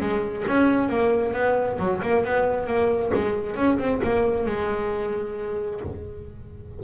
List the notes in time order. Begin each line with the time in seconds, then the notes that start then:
0.00 G#3
0.47 C#4
0.89 A#3
1.33 B3
1.79 F#3
2.02 A#3
2.24 B3
2.66 A#3
3.14 G#3
3.56 C#4
3.79 C4
4.03 A#3
4.46 G#3